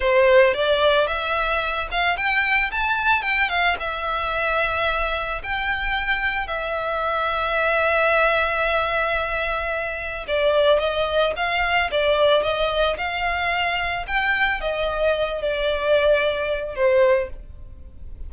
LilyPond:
\new Staff \with { instrumentName = "violin" } { \time 4/4 \tempo 4 = 111 c''4 d''4 e''4. f''8 | g''4 a''4 g''8 f''8 e''4~ | e''2 g''2 | e''1~ |
e''2. d''4 | dis''4 f''4 d''4 dis''4 | f''2 g''4 dis''4~ | dis''8 d''2~ d''8 c''4 | }